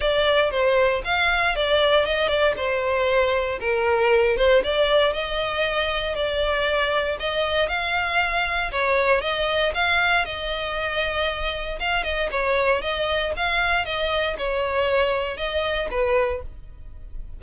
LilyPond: \new Staff \with { instrumentName = "violin" } { \time 4/4 \tempo 4 = 117 d''4 c''4 f''4 d''4 | dis''8 d''8 c''2 ais'4~ | ais'8 c''8 d''4 dis''2 | d''2 dis''4 f''4~ |
f''4 cis''4 dis''4 f''4 | dis''2. f''8 dis''8 | cis''4 dis''4 f''4 dis''4 | cis''2 dis''4 b'4 | }